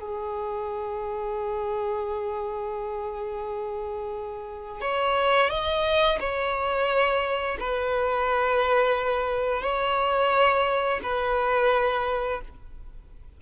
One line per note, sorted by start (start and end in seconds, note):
0.00 4.81 G#4
4.81 5.50 C#5
5.50 6.19 D#5
6.20 7.58 C#5
7.60 9.62 B4
9.62 11.00 C#5
11.03 12.41 B4